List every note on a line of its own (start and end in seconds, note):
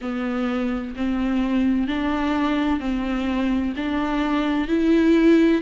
0.01 0.95 B3
0.96 1.87 C4
1.87 2.80 D4
2.80 3.73 C4
3.76 4.67 D4
4.67 5.61 E4